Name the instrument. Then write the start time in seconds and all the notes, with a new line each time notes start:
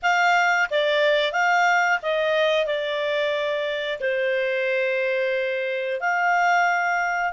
clarinet
0.02 F5
0.70 D5
1.32 F5
2.02 D#5
2.65 D5
4.00 C5
6.00 F5